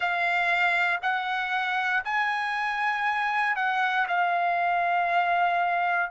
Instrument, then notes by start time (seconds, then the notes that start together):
trumpet
0.00 F5
1.02 F#5
2.04 G#5
3.55 F#5
4.08 F5